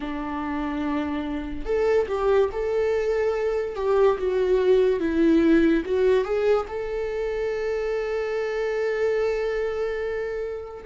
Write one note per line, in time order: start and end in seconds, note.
0.00 1.65 D4
1.65 2.06 A4
2.08 2.49 G4
2.52 3.75 A4
3.75 4.17 G4
4.18 4.99 F#4
4.99 5.83 E4
5.85 6.24 F#4
6.24 6.66 G#4
6.67 10.84 A4